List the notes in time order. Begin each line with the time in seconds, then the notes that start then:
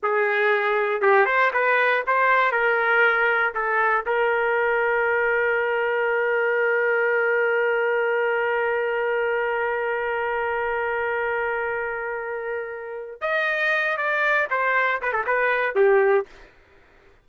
0.03 G#4
1.01 G4
1.25 C5
1.53 B4
2.06 C5
2.51 A#4
3.54 A4
4.05 A#4
13.21 D#5
13.97 D5
14.50 C5
15.01 B4
15.12 A4
15.26 B4
15.75 G4